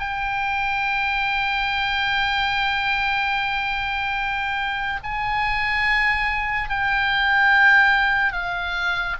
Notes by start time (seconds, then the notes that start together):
0.00 G5
5.03 G#5
6.70 G5
8.33 F5